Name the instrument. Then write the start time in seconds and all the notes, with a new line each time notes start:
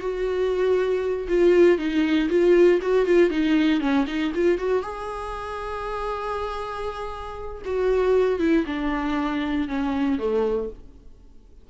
viola
0.00 F#4
1.28 F4
1.78 D#4
2.29 F4
2.82 F#4
3.06 F4
3.30 D#4
3.80 C#4
4.07 D#4
4.35 F4
4.58 F#4
4.82 G#4
7.65 F#4
8.39 E4
8.66 D4
9.68 C#4
10.18 A3